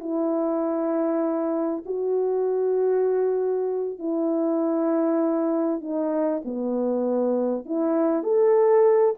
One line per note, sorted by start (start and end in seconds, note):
0.00 1.84 E4
1.86 3.99 F#4
3.99 5.81 E4
5.81 6.42 D#4
6.45 7.66 B3
7.66 8.23 E4
8.23 9.15 A4